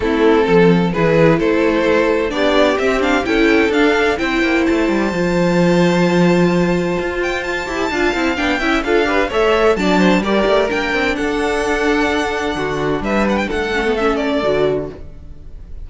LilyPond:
<<
  \new Staff \with { instrumentName = "violin" } { \time 4/4 \tempo 4 = 129 a'2 b'4 c''4~ | c''4 d''4 e''8 f''8 g''4 | f''4 g''4 a''2~ | a''2.~ a''8 g''8 |
a''2 g''4 f''4 | e''4 a''4 d''4 g''4 | fis''1 | e''8 fis''16 g''16 fis''4 e''8 d''4. | }
  \new Staff \with { instrumentName = "violin" } { \time 4/4 e'4 a'4 gis'4 a'4~ | a'4 g'2 a'4~ | a'4 c''2.~ | c''1~ |
c''4 f''4. e''8 a'8 b'8 | cis''4 d''8 c''8 ais'2 | a'2. fis'4 | b'4 a'2. | }
  \new Staff \with { instrumentName = "viola" } { \time 4/4 c'2 e'2~ | e'4 d'4 c'8 d'8 e'4 | d'4 e'2 f'4~ | f'1~ |
f'8 g'8 f'8 e'8 d'8 e'8 f'8 g'8 | a'4 d'4 g'4 d'4~ | d'1~ | d'4. cis'16 b16 cis'4 fis'4 | }
  \new Staff \with { instrumentName = "cello" } { \time 4/4 a4 f4 e4 a4~ | a4 b4 c'4 cis'4 | d'4 c'8 ais8 a8 g8 f4~ | f2. f'4~ |
f'8 e'8 d'8 c'8 b8 cis'8 d'4 | a4 fis4 g8 a8 ais8 c'8 | d'2. d4 | g4 a2 d4 | }
>>